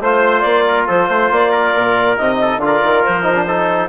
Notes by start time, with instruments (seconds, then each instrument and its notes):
0.00 bassoon A3, trombone F4, trumpet C5, clarinet C5
0.41 bassoon A#3, clarinet D5
0.67 trumpet A#4
0.88 bassoon F3, trumpet A4, clarinet C5
1.09 bassoon A3, trumpet C5
1.31 bassoon A#3, clarinet D5
1.52 trumpet A#4
1.75 bassoon A#2
2.18 bassoon C3, trombone D#4, clarinet D#5
2.41 trumpet A4
2.58 bassoon D3, trombone F4, clarinet D5
2.65 trumpet A#4
2.83 bassoon D#3
3.04 bassoon F3, clarinet C5
3.23 trombone D#4
3.36 trombone D4
3.47 trombone D#4, trumpet A4